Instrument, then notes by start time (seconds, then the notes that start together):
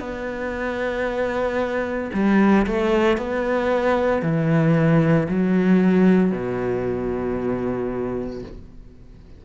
cello
0.00 B3
2.14 G3
2.67 A3
3.18 B3
4.22 E3
5.29 F#3
6.32 B2